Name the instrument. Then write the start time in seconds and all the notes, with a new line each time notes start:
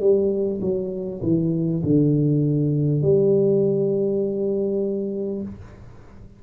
tuba
0.00 G3
0.62 F#3
1.23 E3
1.84 D3
3.02 G3